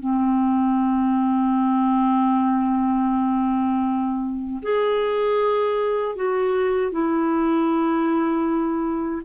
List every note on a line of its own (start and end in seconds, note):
0.00 4.62 C4
4.63 6.16 G#4
6.16 6.92 F#4
6.92 9.22 E4